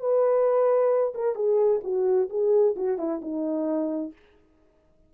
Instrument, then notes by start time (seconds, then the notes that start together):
horn
0.00 B4
1.15 A#4
1.35 G#4
1.84 F#4
2.30 G#4
2.76 F#4
2.98 E4
3.22 D#4